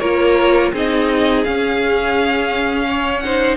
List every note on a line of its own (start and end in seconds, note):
0.00 0.73 A#3
0.00 0.74 F4
0.00 0.72 A#4
0.00 0.71 C#5
0.73 1.44 C4
0.73 1.45 D#4
0.73 2.88 G#4
0.73 1.44 D#5
1.44 3.24 C#4
1.44 3.58 C#4
1.44 3.20 F5
2.88 3.24 C#5
3.20 3.58 D#4
3.20 3.58 C5
3.20 3.56 F#5